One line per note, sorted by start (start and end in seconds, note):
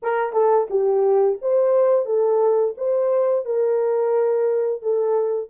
0.02 0.33 A#4
0.33 0.67 A4
0.70 1.39 G4
1.41 2.05 C5
2.05 2.74 A4
2.77 3.45 C5
3.45 4.82 A#4
4.82 5.50 A4